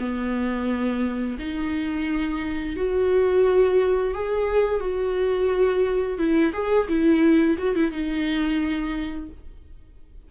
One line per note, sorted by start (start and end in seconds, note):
0.00 1.38 B3
1.39 2.76 D#4
2.76 4.14 F#4
4.15 4.81 G#4
4.81 6.18 F#4
6.18 6.53 E4
6.54 6.88 G#4
6.88 7.57 E4
7.59 7.76 F#4
7.76 7.92 E4
7.92 9.30 D#4